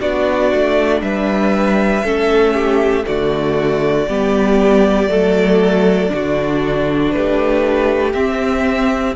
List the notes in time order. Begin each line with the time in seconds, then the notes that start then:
0.00 B3 D4 F#4 D5
0.53 A3
1.02 G3 B4 E5
2.04 A3 C#4 A4
2.54 G4
3.04 D3 A3 F#4 D5
4.09 G3 B3 G4
5.09 F#3 A3 A4
6.09 D3 D4 F#4
7.11 A3 G4 B4
8.13 C4 E5